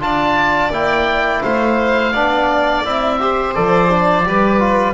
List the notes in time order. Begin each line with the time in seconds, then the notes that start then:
0.00 D4 F4 D5 A5
0.71 A#3 E4 G5
1.42 A3 C5 F5
2.13 B3 D4 D5
2.85 C4 E4 E5
3.20 G4 C5
3.55 F3 A4 D5
3.90 D4
4.25 G3 G4 B4
4.60 F4